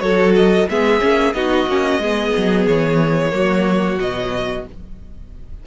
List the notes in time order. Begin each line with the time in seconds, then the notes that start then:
0.00 F#3 F#4 A4 C#5
0.36 D#5
0.69 G#3 B3 G#4 E5
1.00 A#3 C#4
1.34 B3 D#4 F#4 D#5
1.67 A#3 C#4
1.99 G#3 B3 G#4
2.38 F#3
2.66 E3 C#5
3.31 F#3 A#3 F#4
3.98 B2 F#3 D#5